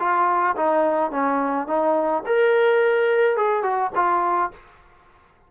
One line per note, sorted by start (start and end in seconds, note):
0.00 0.56 F4
0.57 1.11 D#4
1.11 1.67 C#4
1.67 2.24 D#4
2.26 3.37 A#4
3.37 3.63 G#4
3.63 3.91 F#4
3.96 4.52 F4